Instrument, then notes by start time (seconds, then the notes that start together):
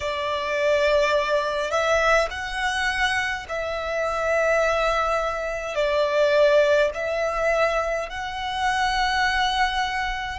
violin
0.00 D5
1.70 E5
2.30 F#5
3.48 E5
5.75 D5
6.94 E5
8.09 F#5